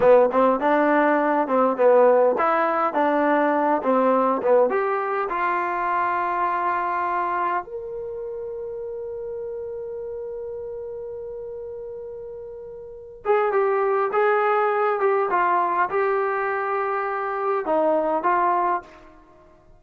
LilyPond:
\new Staff \with { instrumentName = "trombone" } { \time 4/4 \tempo 4 = 102 b8 c'8 d'4. c'8 b4 | e'4 d'4. c'4 b8 | g'4 f'2.~ | f'4 ais'2.~ |
ais'1~ | ais'2~ ais'8 gis'8 g'4 | gis'4. g'8 f'4 g'4~ | g'2 dis'4 f'4 | }